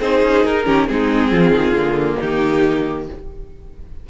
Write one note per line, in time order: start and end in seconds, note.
0.00 0.22 C4
0.00 0.66 D#4
0.00 0.66 G#4
0.00 0.45 C5
0.23 0.45 C#4
0.45 0.67 D#4
0.45 0.88 A#4
0.66 0.89 D#3
0.66 0.88 C#4
0.66 0.88 G4
0.88 1.32 G#3
0.88 1.75 C4
0.88 1.31 D#4
0.88 2.20 G#4
1.31 1.51 F3
1.31 2.19 F4
1.51 1.72 D#3
1.72 2.16 D3
1.72 3.08 A#3
2.20 3.10 D#3
2.20 3.07 D#4
2.20 3.09 G4